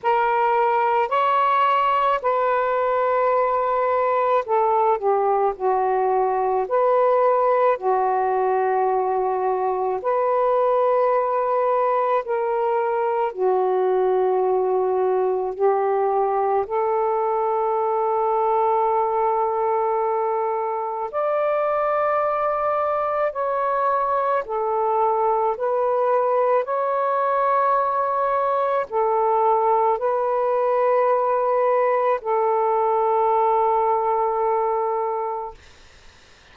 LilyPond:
\new Staff \with { instrumentName = "saxophone" } { \time 4/4 \tempo 4 = 54 ais'4 cis''4 b'2 | a'8 g'8 fis'4 b'4 fis'4~ | fis'4 b'2 ais'4 | fis'2 g'4 a'4~ |
a'2. d''4~ | d''4 cis''4 a'4 b'4 | cis''2 a'4 b'4~ | b'4 a'2. | }